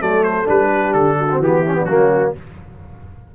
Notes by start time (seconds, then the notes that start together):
0.00 F#3 A3 A4 D5
0.24 C5
0.45 G3 D4 B4
0.71 G4
0.93 D3 A4
1.17 F#4
1.32 C4
1.39 E3 B3 G4
1.62 C#4 E4
1.74 B3 D4
1.85 F#3 A#3 C#4 F#4